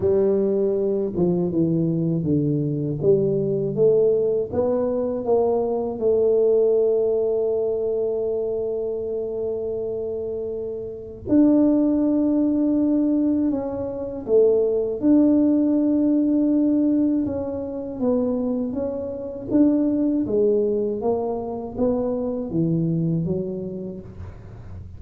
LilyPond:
\new Staff \with { instrumentName = "tuba" } { \time 4/4 \tempo 4 = 80 g4. f8 e4 d4 | g4 a4 b4 ais4 | a1~ | a2. d'4~ |
d'2 cis'4 a4 | d'2. cis'4 | b4 cis'4 d'4 gis4 | ais4 b4 e4 fis4 | }